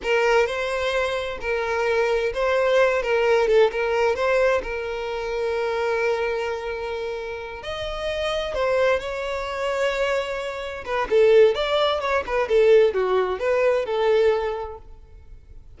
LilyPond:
\new Staff \with { instrumentName = "violin" } { \time 4/4 \tempo 4 = 130 ais'4 c''2 ais'4~ | ais'4 c''4. ais'4 a'8 | ais'4 c''4 ais'2~ | ais'1~ |
ais'8 dis''2 c''4 cis''8~ | cis''2.~ cis''8 b'8 | a'4 d''4 cis''8 b'8 a'4 | fis'4 b'4 a'2 | }